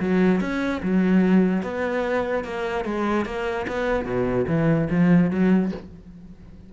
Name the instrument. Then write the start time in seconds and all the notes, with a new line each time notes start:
cello
0.00 F#3
0.41 C#4
0.83 F#3
1.63 B3
2.44 A#3
2.85 G#3
3.26 A#3
3.68 B3
4.05 B2
4.47 E3
4.90 F3
5.31 F#3